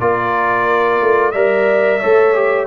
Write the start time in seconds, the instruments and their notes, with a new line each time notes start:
0.00 tuba A#3, trombone F4, horn A#4, trumpet D5
1.01 tuba A3
1.31 tuba G3, trombone A#4, horn D5, trumpet E5
1.99 tuba A3, trombone A4, horn C#5
2.34 trombone G4